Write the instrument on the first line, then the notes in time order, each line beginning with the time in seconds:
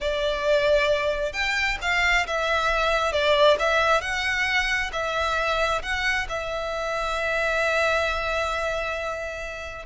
violin
0.00 D5
1.32 G5
1.81 F5
2.27 E5
3.12 D5
3.59 E5
4.01 F#5
4.92 E5
5.82 F#5
6.28 E5